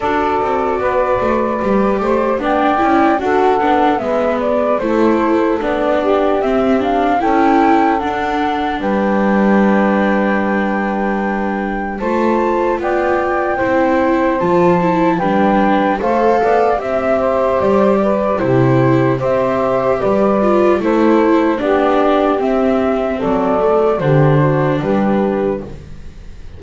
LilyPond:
<<
  \new Staff \with { instrumentName = "flute" } { \time 4/4 \tempo 4 = 75 d''2. g''4 | fis''4 e''8 d''8 c''4 d''4 | e''8 f''8 g''4 fis''4 g''4~ | g''2. a''4 |
g''2 a''4 g''4 | f''4 e''4 d''4 c''4 | e''4 d''4 c''4 d''4 | e''4 d''4 c''4 b'4 | }
  \new Staff \with { instrumentName = "saxophone" } { \time 4/4 a'4 b'4. c''8 d''4 | a'4 b'4 a'4. g'8~ | g'4 a'2 b'4~ | b'2. c''4 |
d''4 c''2 b'4 | c''8 d''8 e''8 c''4 b'8 g'4 | c''4 b'4 a'4 g'4~ | g'4 a'4 g'8 fis'8 g'4 | }
  \new Staff \with { instrumentName = "viola" } { \time 4/4 fis'2 g'4 d'8 e'8 | fis'8 d'8 b4 e'4 d'4 | c'8 d'8 e'4 d'2~ | d'2. f'4~ |
f'4 e'4 f'8 e'8 d'4 | a'4 g'2 e'4 | g'4. f'8 e'4 d'4 | c'4. a8 d'2 | }
  \new Staff \with { instrumentName = "double bass" } { \time 4/4 d'8 c'8 b8 a8 g8 a8 b8 cis'8 | d'8 b8 gis4 a4 b4 | c'4 cis'4 d'4 g4~ | g2. a4 |
b4 c'4 f4 g4 | a8 b8 c'4 g4 c4 | c'4 g4 a4 b4 | c'4 fis4 d4 g4 | }
>>